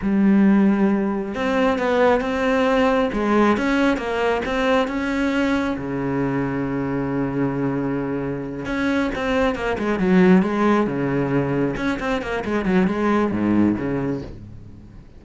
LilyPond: \new Staff \with { instrumentName = "cello" } { \time 4/4 \tempo 4 = 135 g2. c'4 | b4 c'2 gis4 | cis'4 ais4 c'4 cis'4~ | cis'4 cis2.~ |
cis2.~ cis8 cis'8~ | cis'8 c'4 ais8 gis8 fis4 gis8~ | gis8 cis2 cis'8 c'8 ais8 | gis8 fis8 gis4 gis,4 cis4 | }